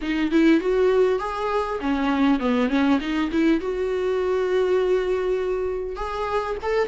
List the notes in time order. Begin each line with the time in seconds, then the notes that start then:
0.01 D#4
0.31 E4
0.60 F#4
1.19 G#4
1.80 C#4
2.39 B3
2.69 C#4
3.00 D#4
3.31 E4
3.60 F#4
5.96 G#4
6.62 A4